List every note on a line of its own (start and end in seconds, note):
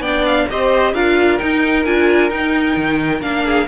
0.00 0.45 B3
0.00 0.50 D4
0.00 0.47 D5
0.00 0.25 G5
0.26 0.49 F5
0.50 0.94 C4
0.50 0.95 G4
0.50 0.94 C5
0.50 0.95 D#5
0.94 1.40 D4
0.94 1.40 F4
0.94 3.44 A#4
0.94 1.39 F5
1.39 1.85 D#4
1.39 1.86 D#4
1.39 1.84 G5
1.85 2.30 D4
1.85 2.30 F4
1.85 2.31 G#5
2.30 3.21 D#4
2.30 2.76 D#4
2.30 3.22 G5
2.77 3.22 D#3
3.22 3.67 A#3
3.22 3.67 D4
3.22 3.68 F5
3.45 3.68 G#4